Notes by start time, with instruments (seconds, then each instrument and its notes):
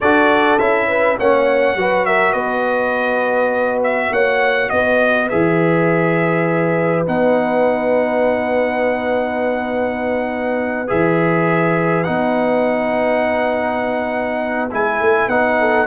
0.00 tuba D4, trombone F#4, horn A4, trumpet D5
0.58 tuba C#4, trombone E4, trumpet E5
0.88 horn B4
1.18 tuba A#3, trombone C#4, horn C#5, trumpet F#5
1.75 tuba F#3, trombone F#4, horn B4
2.05 horn A#4, trumpet E5
2.32 tuba B3, horn B4, trumpet D#5
3.83 trumpet E5
4.11 tuba A#3, horn C#5, trumpet F#5
4.69 tuba B3, horn B4, trumpet D#5
5.29 tuba E3, trombone G#4, trumpet E5
7.06 tuba B3, trombone D#4, trumpet F#5
10.87 tuba E3, trombone G#4, trumpet E5
12.03 tuba B3, trombone D#4, trumpet F#5
14.71 tuba G#3, trombone E4, trumpet G#5
15.00 tuba A3
15.27 tuba B3, trombone D#4, trumpet F#5
15.59 horn A4